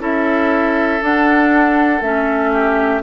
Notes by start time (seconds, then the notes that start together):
0.00 C#4 E4 A4 E5
1.01 D4 F#5
2.02 A3 C#4 E5
2.52 G4